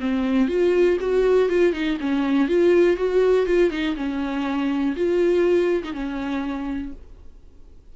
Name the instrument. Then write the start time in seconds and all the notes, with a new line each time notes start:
viola
0.00 C4
0.48 F4
1.00 F#4
1.49 F4
1.73 D#4
2.00 C#4
2.48 F4
2.96 F#4
3.46 F4
3.70 D#4
3.96 C#4
4.96 F4
5.83 D#4
5.93 C#4